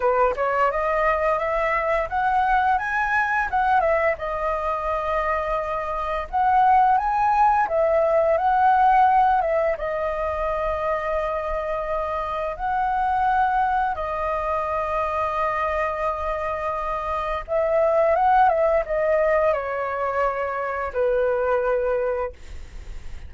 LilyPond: \new Staff \with { instrumentName = "flute" } { \time 4/4 \tempo 4 = 86 b'8 cis''8 dis''4 e''4 fis''4 | gis''4 fis''8 e''8 dis''2~ | dis''4 fis''4 gis''4 e''4 | fis''4. e''8 dis''2~ |
dis''2 fis''2 | dis''1~ | dis''4 e''4 fis''8 e''8 dis''4 | cis''2 b'2 | }